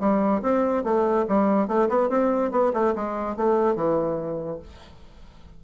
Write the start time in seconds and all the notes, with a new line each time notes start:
0.00 G3
0.43 C4
0.84 A3
1.29 G3
1.68 A3
1.89 B3
2.10 C4
2.52 B3
2.73 A3
2.95 G#3
3.37 A3
3.76 E3